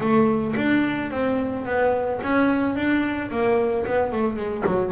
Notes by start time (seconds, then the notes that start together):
0.00 A3
0.57 D4
1.11 C4
1.66 B3
2.23 C#4
2.76 D4
3.31 A#3
3.86 B3
4.12 A3
4.36 G#3
4.66 F#3